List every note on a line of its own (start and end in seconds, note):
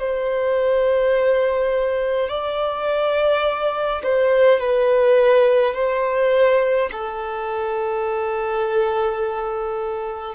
0.00 2.29 C5
2.29 4.02 D5
4.04 4.60 C5
4.60 5.75 B4
5.75 6.90 C5
6.92 10.36 A4